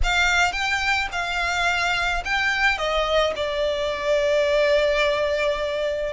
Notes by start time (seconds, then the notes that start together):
0.03 F5
0.52 G5
1.12 F5
2.24 G5
2.78 D#5
3.36 D5